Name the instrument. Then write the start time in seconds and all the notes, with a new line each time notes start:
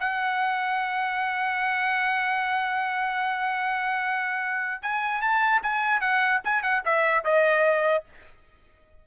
trumpet
0.00 F#5
4.82 G#5
5.22 A5
5.63 G#5
6.01 F#5
6.44 G#5
6.63 F#5
6.85 E5
7.24 D#5